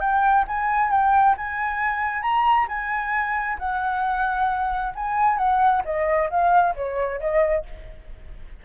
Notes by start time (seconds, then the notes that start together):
0.00 G5
0.47 G#5
0.91 G5
1.37 G#5
2.22 A#5
2.68 G#5
3.59 F#5
4.95 G#5
5.38 F#5
5.85 D#5
6.30 F5
6.76 C#5
7.20 D#5